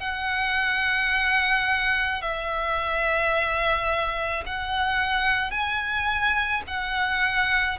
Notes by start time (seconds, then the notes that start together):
0.00 F#5
2.22 E5
4.46 F#5
5.51 G#5
6.68 F#5